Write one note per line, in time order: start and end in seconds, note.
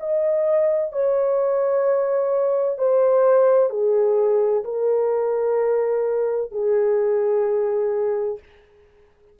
0.00 0.92 D#5
0.92 2.79 C#5
2.79 3.70 C5
3.70 4.64 G#4
4.64 6.52 A#4
6.52 8.39 G#4